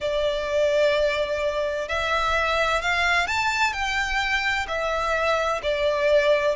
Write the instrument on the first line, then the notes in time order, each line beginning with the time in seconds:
violin
0.00 D5
1.88 E5
2.81 F5
3.27 A5
3.72 G5
4.67 E5
5.62 D5